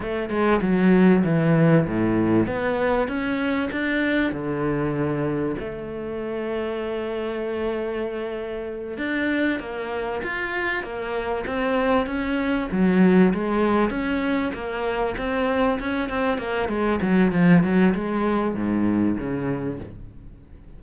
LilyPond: \new Staff \with { instrumentName = "cello" } { \time 4/4 \tempo 4 = 97 a8 gis8 fis4 e4 a,4 | b4 cis'4 d'4 d4~ | d4 a2.~ | a2~ a8 d'4 ais8~ |
ais8 f'4 ais4 c'4 cis'8~ | cis'8 fis4 gis4 cis'4 ais8~ | ais8 c'4 cis'8 c'8 ais8 gis8 fis8 | f8 fis8 gis4 gis,4 cis4 | }